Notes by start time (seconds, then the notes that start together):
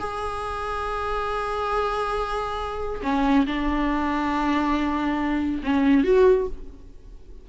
0.00 G#4
3.03 C#4
3.47 D4
5.64 C#4
6.05 F#4